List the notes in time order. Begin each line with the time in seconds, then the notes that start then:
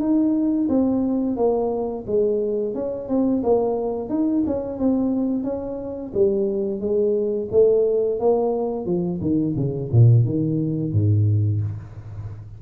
0.00 D#4
0.69 C4
1.37 A#3
2.07 G#3
2.75 C#4
3.08 C4
3.43 A#3
4.09 D#4
4.47 C#4
4.79 C4
5.44 C#4
6.14 G3
6.81 G#3
7.51 A3
8.20 A#3
8.86 F3
9.21 D#3
9.56 C#3
9.92 A#2
10.25 D#3
10.92 G#2